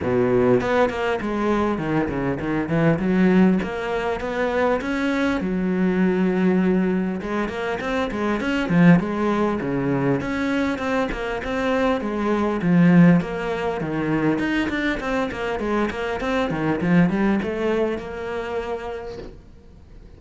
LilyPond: \new Staff \with { instrumentName = "cello" } { \time 4/4 \tempo 4 = 100 b,4 b8 ais8 gis4 dis8 cis8 | dis8 e8 fis4 ais4 b4 | cis'4 fis2. | gis8 ais8 c'8 gis8 cis'8 f8 gis4 |
cis4 cis'4 c'8 ais8 c'4 | gis4 f4 ais4 dis4 | dis'8 d'8 c'8 ais8 gis8 ais8 c'8 dis8 | f8 g8 a4 ais2 | }